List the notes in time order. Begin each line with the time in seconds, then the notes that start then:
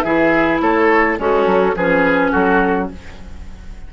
0.00 E3 E4 G#4 E5
0.61 A3 A4 C#5
1.18 G#3 C#4 F#4 A4
1.46 F#3
1.75 F3 C#4 G#4 B4
2.31 F#3 F#4 A4